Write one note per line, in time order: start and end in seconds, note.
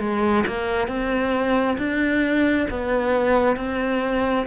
0.00 0.45 G#3
0.47 0.88 A#3
0.88 1.77 C4
1.78 2.68 D4
2.71 3.57 B3
3.57 4.47 C4